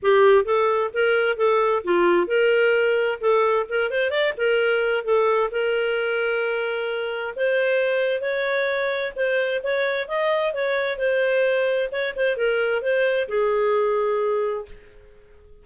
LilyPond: \new Staff \with { instrumentName = "clarinet" } { \time 4/4 \tempo 4 = 131 g'4 a'4 ais'4 a'4 | f'4 ais'2 a'4 | ais'8 c''8 d''8 ais'4. a'4 | ais'1 |
c''2 cis''2 | c''4 cis''4 dis''4 cis''4 | c''2 cis''8 c''8 ais'4 | c''4 gis'2. | }